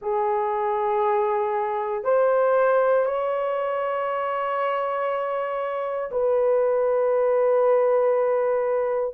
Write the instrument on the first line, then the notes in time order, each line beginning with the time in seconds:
horn
0.01 G#4
2.03 C5
3.05 C#5
6.11 B4